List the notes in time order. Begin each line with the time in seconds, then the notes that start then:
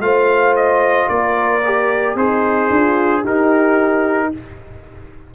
0.00 A3 F4 C5 F5
0.56 D#5
1.09 A#3 A#4 D5
1.65 G4
2.15 C4 D#4 G#4 C5
2.70 D4 F4
3.21 D#4 G4 A#4
3.28 D#4